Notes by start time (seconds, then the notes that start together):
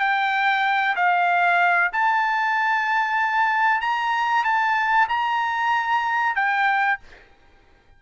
0.00 G5
0.96 F5
1.93 A5
3.81 A#5
4.44 A5
5.09 A#5
6.36 G5